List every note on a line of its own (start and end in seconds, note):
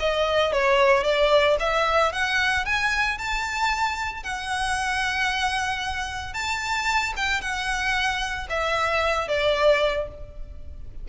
0.00 0.52 D#5
0.52 1.04 C#5
1.04 1.57 D5
1.60 2.12 E5
2.12 2.65 F#5
2.65 3.18 G#5
3.18 4.23 A5
4.23 6.34 F#5
6.34 7.13 A5
7.17 7.41 G5
7.41 8.47 F#5
8.50 9.28 E5
9.28 10.08 D5